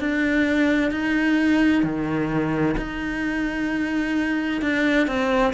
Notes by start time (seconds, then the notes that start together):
0.00 D4
0.91 D#4
1.83 D#3
2.77 D#4
4.62 D4
5.07 C4